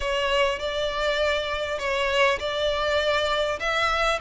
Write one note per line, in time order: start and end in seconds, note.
0.00 0.59 C#5
0.59 1.78 D5
1.78 2.38 C#5
2.39 3.59 D5
3.59 4.19 E5